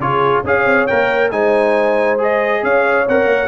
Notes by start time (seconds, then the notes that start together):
0.00 C#3 F4 G#4 C#5
0.44 C#4 G#4 C#5 F5
0.66 C4
0.87 A#3 A#4 G5
1.32 G#3 D#4 C5 G#5
2.19 G#4 D#5
2.63 C#4 C#5 F5
3.09 C4 A#4 F#5
3.25 A#3